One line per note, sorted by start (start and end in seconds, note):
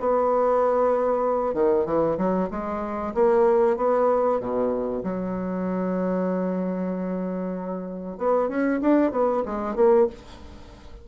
0.00 1.54 B3
1.54 1.86 D#3
1.86 2.17 E3
2.18 2.49 F#3
2.51 3.14 G#3
3.15 3.77 A#3
3.77 4.40 B3
4.40 5.03 B2
5.04 8.18 F#3
8.18 8.49 B3
8.49 8.80 C#4
8.82 9.12 D4
9.12 9.43 B3
9.46 9.76 G#3
9.76 10.07 A#3